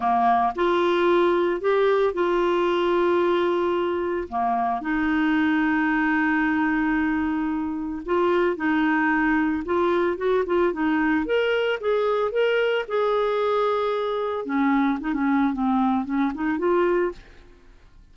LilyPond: \new Staff \with { instrumentName = "clarinet" } { \time 4/4 \tempo 4 = 112 ais4 f'2 g'4 | f'1 | ais4 dis'2.~ | dis'2. f'4 |
dis'2 f'4 fis'8 f'8 | dis'4 ais'4 gis'4 ais'4 | gis'2. cis'4 | dis'16 cis'8. c'4 cis'8 dis'8 f'4 | }